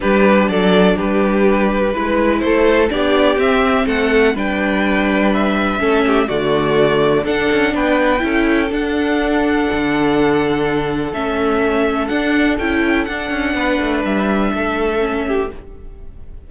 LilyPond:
<<
  \new Staff \with { instrumentName = "violin" } { \time 4/4 \tempo 4 = 124 b'4 d''4 b'2~ | b'4 c''4 d''4 e''4 | fis''4 g''2 e''4~ | e''4 d''2 fis''4 |
g''2 fis''2~ | fis''2. e''4~ | e''4 fis''4 g''4 fis''4~ | fis''4 e''2. | }
  \new Staff \with { instrumentName = "violin" } { \time 4/4 g'4 a'4 g'2 | b'4 a'4 g'2 | a'4 b'2. | a'8 g'8 fis'2 a'4 |
b'4 a'2.~ | a'1~ | a'1 | b'2 a'4. g'8 | }
  \new Staff \with { instrumentName = "viola" } { \time 4/4 d'1 | e'2 d'4 c'4~ | c'4 d'2. | cis'4 a2 d'4~ |
d'4 e'4 d'2~ | d'2. cis'4~ | cis'4 d'4 e'4 d'4~ | d'2. cis'4 | }
  \new Staff \with { instrumentName = "cello" } { \time 4/4 g4 fis4 g2 | gis4 a4 b4 c'4 | a4 g2. | a4 d2 d'8 cis'8 |
b4 cis'4 d'2 | d2. a4~ | a4 d'4 cis'4 d'8 cis'8 | b8 a8 g4 a2 | }
>>